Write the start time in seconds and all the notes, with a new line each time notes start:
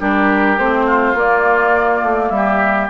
0.00 G3 D4 G4 A#4
0.58 A3 C4 C5
0.86 F4
1.14 A#3 D5
2.03 A3
2.29 G3 E5
2.36 G4